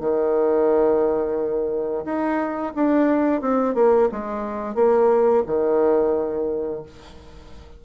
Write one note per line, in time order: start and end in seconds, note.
0.00 2.05 D#3
2.05 2.73 D#4
2.75 3.41 D4
3.41 3.74 C4
3.74 4.08 A#3
4.11 4.75 G#3
4.75 5.43 A#3
5.46 6.82 D#3